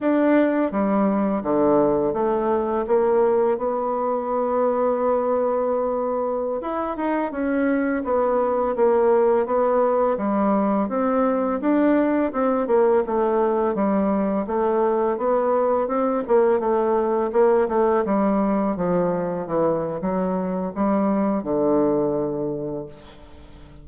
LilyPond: \new Staff \with { instrumentName = "bassoon" } { \time 4/4 \tempo 4 = 84 d'4 g4 d4 a4 | ais4 b2.~ | b4~ b16 e'8 dis'8 cis'4 b8.~ | b16 ais4 b4 g4 c'8.~ |
c'16 d'4 c'8 ais8 a4 g8.~ | g16 a4 b4 c'8 ais8 a8.~ | a16 ais8 a8 g4 f4 e8. | fis4 g4 d2 | }